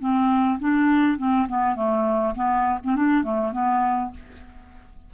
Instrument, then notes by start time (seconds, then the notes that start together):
clarinet
0.00 C4
0.59 D4
1.18 C4
1.48 B3
1.75 A3
2.35 B3
2.84 C4
2.96 D4
3.23 A3
3.52 B3